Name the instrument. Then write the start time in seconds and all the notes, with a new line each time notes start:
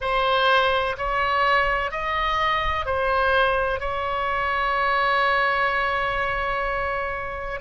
oboe
0.00 C5
0.97 C#5
1.91 D#5
2.85 C5
3.80 C#5